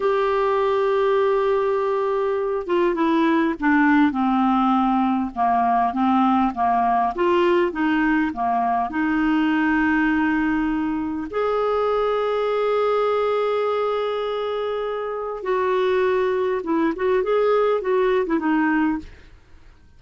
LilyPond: \new Staff \with { instrumentName = "clarinet" } { \time 4/4 \tempo 4 = 101 g'1~ | g'8 f'8 e'4 d'4 c'4~ | c'4 ais4 c'4 ais4 | f'4 dis'4 ais4 dis'4~ |
dis'2. gis'4~ | gis'1~ | gis'2 fis'2 | e'8 fis'8 gis'4 fis'8. e'16 dis'4 | }